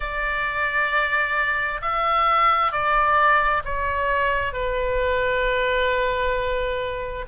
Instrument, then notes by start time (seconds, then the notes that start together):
oboe
0.00 D5
1.81 E5
2.71 D5
3.64 C#5
4.52 B4